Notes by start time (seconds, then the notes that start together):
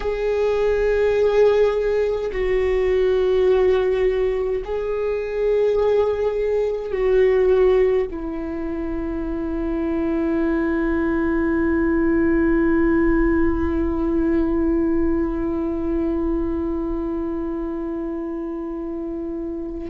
0.00 G#4
2.31 F#4
4.64 G#4
6.92 F#4
8.10 E4